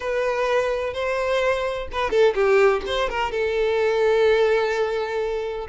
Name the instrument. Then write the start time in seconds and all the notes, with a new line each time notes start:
violin
0.00 B4
0.93 C5
1.92 B4
2.10 A4
2.34 G4
2.86 C5
3.09 A#4
3.31 A4